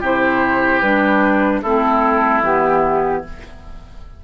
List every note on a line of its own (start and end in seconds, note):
0.00 0.81 C3
0.00 0.83 E4
0.00 1.60 G4
0.00 0.80 C5
0.80 1.62 G3
0.80 1.63 D4
0.80 1.60 B4
1.62 2.42 A3
1.62 2.44 C4
1.62 3.22 E4
1.62 2.42 A4
2.42 3.22 E3
2.42 3.24 B3
2.42 3.23 G4